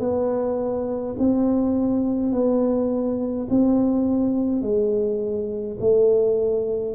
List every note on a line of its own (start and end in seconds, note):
0.00 1.15 B3
1.19 2.33 C4
2.33 3.48 B3
3.50 4.62 C4
4.62 5.77 G#3
5.80 6.95 A3